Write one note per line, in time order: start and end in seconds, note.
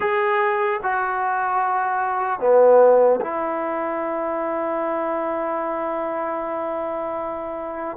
0.00 0.80 G#4
0.82 2.40 F#4
2.40 3.20 B3
3.20 7.97 E4